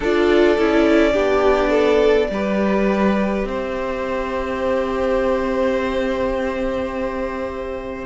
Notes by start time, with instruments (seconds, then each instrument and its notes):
0.00 cello D4, viola F4, violin A4 D5
0.57 cello C#4, viola E4
1.12 cello B3, viola D4, violin G4
1.69 violin A4
2.29 cello G3, viola G4, violin B4
3.44 cello C4, violin C5 E5